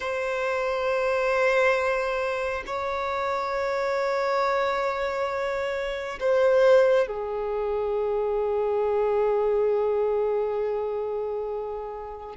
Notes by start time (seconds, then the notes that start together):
0.00 C5
2.66 C#5
6.20 C5
7.07 G#4